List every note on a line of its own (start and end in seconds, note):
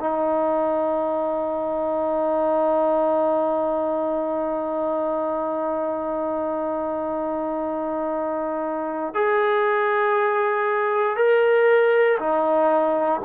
0.00 9.14 D#4
9.14 11.16 G#4
11.16 12.18 A#4
12.19 13.21 D#4